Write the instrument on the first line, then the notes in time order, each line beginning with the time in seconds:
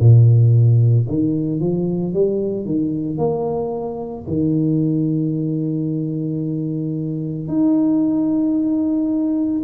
tuba
0.00 A#2
1.09 D#3
1.60 F3
2.14 G3
2.66 D#3
3.18 A#3
4.28 D#3
7.49 D#4